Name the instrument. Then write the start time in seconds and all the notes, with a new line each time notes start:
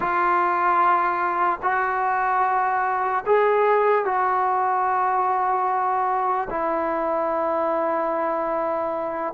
trombone
0.00 F4
1.62 F#4
3.25 G#4
4.05 F#4
6.49 E4